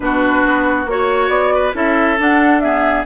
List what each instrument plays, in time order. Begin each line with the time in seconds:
0.00 bassoon B2, clarinet D4, oboe F#4, flute B4
0.45 bassoon B3
0.85 bassoon A#3, clarinet F#4, flute C#5, oboe C#5
1.29 bassoon B3, flute D5
1.54 oboe B4
1.73 bassoon C#4, clarinet E4, oboe A4, flute E5
2.17 clarinet D4, bassoon D4, flute F#5
2.59 clarinet B3, oboe G#4, flute E5